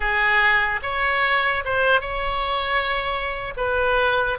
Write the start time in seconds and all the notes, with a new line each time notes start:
0.00 G#4
0.82 C#5
1.65 C5
2.01 C#5
3.56 B4